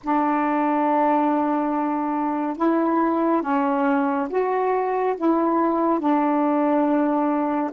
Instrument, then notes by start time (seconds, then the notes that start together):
saxophone
0.03 D4
2.56 E4
3.42 C#4
4.29 F#4
5.17 E4
5.99 D4